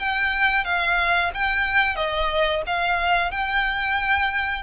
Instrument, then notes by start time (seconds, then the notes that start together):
violin
0.00 G5
0.65 F5
1.34 G5
1.96 D#5
2.67 F5
3.32 G5